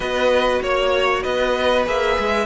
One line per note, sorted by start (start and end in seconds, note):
0.00 0.59 B3
0.00 1.85 F#4
0.00 0.62 B4
0.00 0.62 D#5
0.62 1.24 A#3
0.62 1.23 C#5
0.62 1.22 C#5
1.22 1.86 B3
1.22 2.45 B4
1.22 1.85 D#5
1.85 2.17 A#3
1.85 2.45 G#4
1.85 2.45 E5
2.18 2.45 G#3